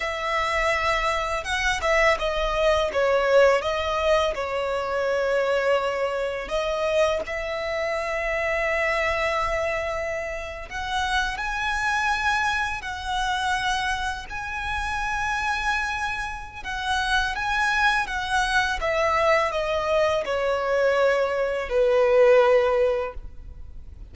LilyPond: \new Staff \with { instrumentName = "violin" } { \time 4/4 \tempo 4 = 83 e''2 fis''8 e''8 dis''4 | cis''4 dis''4 cis''2~ | cis''4 dis''4 e''2~ | e''2~ e''8. fis''4 gis''16~ |
gis''4.~ gis''16 fis''2 gis''16~ | gis''2. fis''4 | gis''4 fis''4 e''4 dis''4 | cis''2 b'2 | }